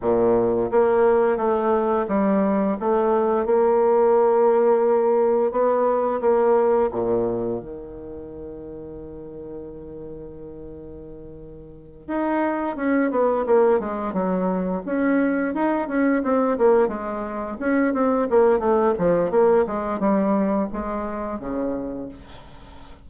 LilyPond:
\new Staff \with { instrumentName = "bassoon" } { \time 4/4 \tempo 4 = 87 ais,4 ais4 a4 g4 | a4 ais2. | b4 ais4 ais,4 dis4~ | dis1~ |
dis4. dis'4 cis'8 b8 ais8 | gis8 fis4 cis'4 dis'8 cis'8 c'8 | ais8 gis4 cis'8 c'8 ais8 a8 f8 | ais8 gis8 g4 gis4 cis4 | }